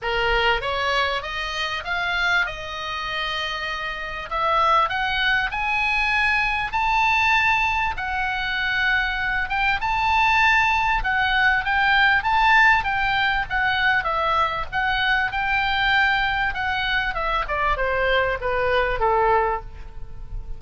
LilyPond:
\new Staff \with { instrumentName = "oboe" } { \time 4/4 \tempo 4 = 98 ais'4 cis''4 dis''4 f''4 | dis''2. e''4 | fis''4 gis''2 a''4~ | a''4 fis''2~ fis''8 g''8 |
a''2 fis''4 g''4 | a''4 g''4 fis''4 e''4 | fis''4 g''2 fis''4 | e''8 d''8 c''4 b'4 a'4 | }